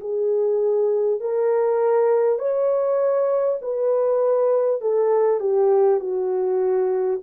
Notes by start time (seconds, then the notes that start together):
0.00 G#4
1.20 A#4
2.38 C#5
3.61 B4
4.81 A4
5.40 G4
6.00 F#4